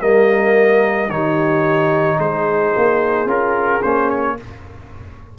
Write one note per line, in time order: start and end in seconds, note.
0.00 1.09 G3
0.00 1.10 A#3
0.00 1.09 A#4
0.00 1.10 D#5
1.09 2.18 D#3
1.09 3.27 D#4
1.09 2.18 G4
1.09 2.20 C#5
2.18 2.74 G#3
2.18 4.36 G#4
2.18 3.29 C5
2.77 3.26 A#3
3.26 3.81 C#4
3.26 3.82 F4
3.26 3.83 A#4
3.83 4.39 A#3
3.83 4.37 C#4
3.83 4.10 C5
4.10 4.38 C#5